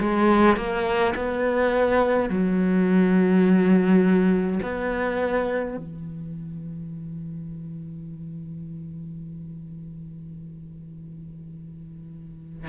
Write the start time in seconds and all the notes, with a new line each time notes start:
0.00 G#3
0.56 A#3
1.15 B3
2.29 F#3
4.62 B3
5.76 E3